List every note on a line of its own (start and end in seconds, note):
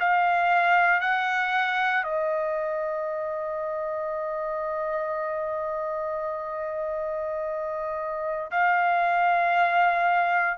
0.00 1.01 F5
1.01 2.04 F#5
2.04 8.51 D#5
8.51 10.58 F5